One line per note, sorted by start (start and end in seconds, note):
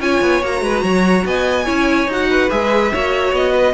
0.00 0.21 C#4
0.00 0.43 F4
0.00 0.64 C#5
0.00 0.43 G#5
0.22 0.42 B3
0.42 0.61 A#3
0.42 1.65 F#4
0.42 1.27 A#5
0.61 0.82 G#3
0.61 0.84 B4
0.83 1.25 F#3
0.83 1.25 C#5
1.25 1.67 B3
1.25 1.65 D#5
1.25 2.10 G#5
1.65 2.07 C#4
1.65 2.07 E4
1.65 2.28 C#5
2.07 2.49 D#4
2.07 2.50 F#4
2.07 2.50 F#5
2.30 2.93 B4
2.50 2.93 G#3
2.50 2.92 G#4
2.50 3.33 E5
2.92 3.32 A#3
2.92 3.74 F#4
2.92 3.52 C#5
3.32 3.74 B3
3.32 3.74 D#5
3.52 3.73 B4